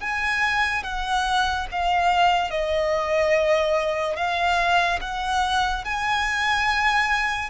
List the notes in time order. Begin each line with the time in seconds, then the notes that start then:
0.00 G#5
0.84 F#5
1.71 F5
2.50 D#5
4.16 F5
5.01 F#5
5.84 G#5